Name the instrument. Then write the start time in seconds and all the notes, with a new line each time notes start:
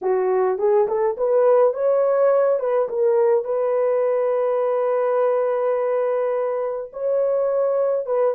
horn
0.01 F#4
0.58 G#4
0.87 A4
1.17 B4
1.73 C#5
2.59 B4
2.88 A#4
3.44 B4
6.92 C#5
8.06 B4